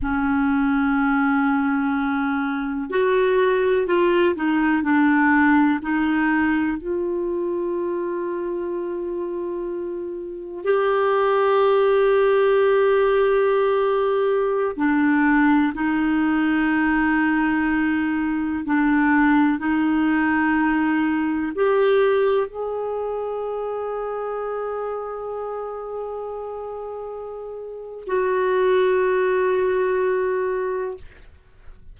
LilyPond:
\new Staff \with { instrumentName = "clarinet" } { \time 4/4 \tempo 4 = 62 cis'2. fis'4 | f'8 dis'8 d'4 dis'4 f'4~ | f'2. g'4~ | g'2.~ g'16 d'8.~ |
d'16 dis'2. d'8.~ | d'16 dis'2 g'4 gis'8.~ | gis'1~ | gis'4 fis'2. | }